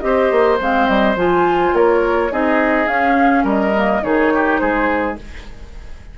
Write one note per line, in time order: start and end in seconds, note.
0.00 0.31 C4
0.00 0.58 G4
0.00 1.76 C5
0.00 0.57 D#5
0.31 0.59 A#3
0.60 0.88 G#3
0.60 1.17 C4
0.60 0.87 F5
0.87 1.15 G3
0.87 1.15 D#5
1.15 1.72 F3
1.15 2.30 F4
1.15 1.75 G#5
1.73 2.30 A#3
1.73 2.32 A#4
1.73 2.32 C#5
2.30 2.87 C4
2.30 2.88 D#4
2.30 3.44 G#4
2.30 2.87 D#5
2.87 3.44 C#4
2.87 3.74 C#4
2.87 3.45 F5
3.44 4.01 G3
3.44 4.01 A#4
3.44 4.04 D#5
3.75 4.02 A#3
4.02 4.61 D#3
4.02 5.16 D#4
4.02 4.33 G#4
4.02 4.58 C#5
4.34 4.61 G4
4.58 5.18 G#3
4.58 5.18 G#4
4.58 5.16 C5